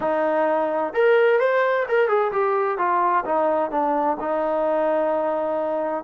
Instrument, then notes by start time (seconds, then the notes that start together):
trombone
0.00 D#4
0.93 A#4
1.39 C5
1.88 A#4
2.08 G#4
2.32 G4
2.78 F4
3.25 D#4
3.70 D4
4.20 D#4